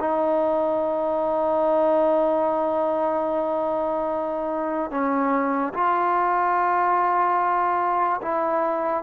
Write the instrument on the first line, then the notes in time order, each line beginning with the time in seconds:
trombone
0.00 D#4
4.91 C#4
5.74 F4
8.22 E4